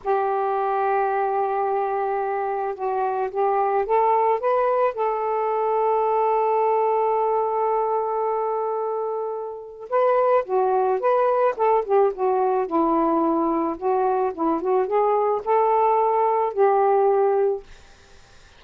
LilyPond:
\new Staff \with { instrumentName = "saxophone" } { \time 4/4 \tempo 4 = 109 g'1~ | g'4 fis'4 g'4 a'4 | b'4 a'2.~ | a'1~ |
a'2 b'4 fis'4 | b'4 a'8 g'8 fis'4 e'4~ | e'4 fis'4 e'8 fis'8 gis'4 | a'2 g'2 | }